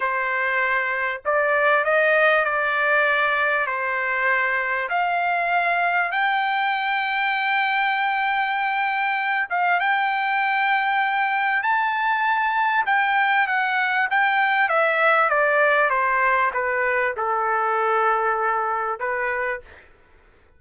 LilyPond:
\new Staff \with { instrumentName = "trumpet" } { \time 4/4 \tempo 4 = 98 c''2 d''4 dis''4 | d''2 c''2 | f''2 g''2~ | g''2.~ g''8 f''8 |
g''2. a''4~ | a''4 g''4 fis''4 g''4 | e''4 d''4 c''4 b'4 | a'2. b'4 | }